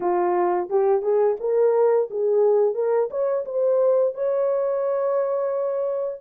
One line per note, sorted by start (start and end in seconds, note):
0.00 0.69 F4
0.69 1.02 G4
1.02 1.36 G#4
1.40 2.09 A#4
2.10 2.74 G#4
2.74 3.08 A#4
3.10 3.45 C#5
3.45 4.14 C5
4.14 6.21 C#5